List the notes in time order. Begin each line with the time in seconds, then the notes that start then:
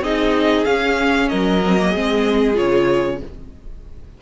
0.00 C4 D#4 G#4 D#5
0.66 C#4 F5
1.29 F#3 A#4 D#5
1.66 C4
1.78 A#3
1.90 C4 G#4
1.96 G#3
2.54 C#3 F4 C#5